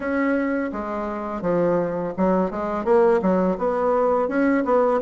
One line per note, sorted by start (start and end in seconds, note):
0.00 0.70 C#4
0.72 1.41 G#3
1.41 2.13 F3
2.17 2.50 F#3
2.50 2.84 G#3
2.84 3.20 A#3
3.21 3.57 F#3
3.57 4.28 B3
4.28 4.64 C#4
4.64 5.00 B3